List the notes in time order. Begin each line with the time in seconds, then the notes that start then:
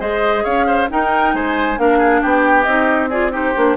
0.00 G#3 G#4 C5 D#5
0.44 C#4 C#5 F5
0.67 C5
0.89 D#4 A#4 G5
1.34 G#3 C5 G#5
1.78 A#3 D4 A#4 F5
1.99 G#4
2.22 B3 G4 G5
2.63 C4 D#4 D#5
3.10 F4 G#4 D5
3.31 D#4 G4 C5
3.56 A#3 D4